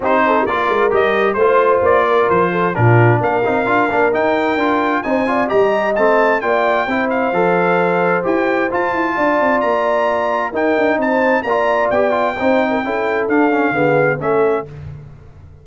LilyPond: <<
  \new Staff \with { instrumentName = "trumpet" } { \time 4/4 \tempo 4 = 131 c''4 d''4 dis''4 c''4 | d''4 c''4 ais'4 f''4~ | f''4 g''2 gis''4 | ais''4 a''4 g''4. f''8~ |
f''2 g''4 a''4~ | a''4 ais''2 g''4 | a''4 ais''4 g''2~ | g''4 f''2 e''4 | }
  \new Staff \with { instrumentName = "horn" } { \time 4/4 g'8 a'8 ais'2 c''4~ | c''8 ais'4 a'8 f'4 ais'4~ | ais'2. c''8 d''8 | dis''2 d''4 c''4~ |
c''1 | d''2. ais'4 | c''4 d''2 c''8. ais'16 | a'2 gis'4 a'4 | }
  \new Staff \with { instrumentName = "trombone" } { \time 4/4 dis'4 f'4 g'4 f'4~ | f'2 d'4. dis'8 | f'8 d'8 dis'4 f'4 dis'8 f'8 | g'4 c'4 f'4 e'4 |
a'2 g'4 f'4~ | f'2. dis'4~ | dis'4 f'4 g'8 f'8 dis'4 | e'4 d'8 cis'8 b4 cis'4 | }
  \new Staff \with { instrumentName = "tuba" } { \time 4/4 c'4 ais8 gis8 g4 a4 | ais4 f4 ais,4 ais8 c'8 | d'8 ais8 dis'4 d'4 c'4 | g4 a4 ais4 c'4 |
f2 e'4 f'8 e'8 | d'8 c'8 ais2 dis'8 d'8 | c'4 ais4 b4 c'4 | cis'4 d'4 d4 a4 | }
>>